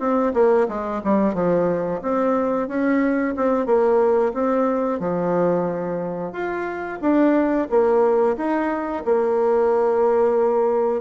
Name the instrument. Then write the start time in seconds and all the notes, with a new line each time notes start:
bassoon
0.00 C4
0.34 A#3
0.69 G#3
1.04 G3
1.35 F3
2.02 C4
2.68 C#4
3.37 C4
3.66 A#3
4.34 C4
5.00 F3
6.33 F4
7.02 D4
7.70 A#3
8.37 D#4
9.05 A#3